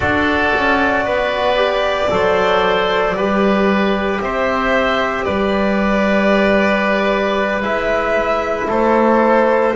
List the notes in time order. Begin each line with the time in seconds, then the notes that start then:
0.00 D4 F#4 A4 D5
0.55 C#4
1.04 B3 B4
1.56 G4
2.10 F#3 A4 C5
3.14 G3 G4 B4
4.20 C4 C5 E5
5.24 G3 B4 D5
7.61 G#3 E4 E5
8.68 A3 A4 C5